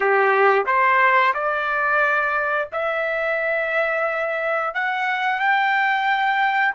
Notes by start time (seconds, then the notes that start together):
0.00 G4
0.66 C5
1.34 D5
2.72 E5
4.74 F#5
5.39 G5